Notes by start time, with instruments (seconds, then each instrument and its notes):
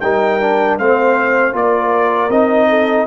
0.00 tuba G3, trombone D#4, horn A#4, trumpet G5
0.40 trombone D4
0.78 tuba A3, trombone C4, horn C5, trumpet F5
1.52 tuba A#3, trombone F4, trumpet D5
1.59 horn A#4
2.29 tuba C4, trombone D#4, trumpet D#5
2.69 horn A4